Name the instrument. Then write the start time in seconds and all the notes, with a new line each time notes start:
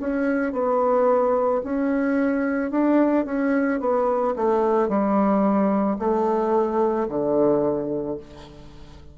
bassoon
0.00 C#4
0.53 B3
1.64 C#4
2.71 D4
3.25 C#4
3.80 B3
4.36 A3
4.88 G3
5.99 A3
7.08 D3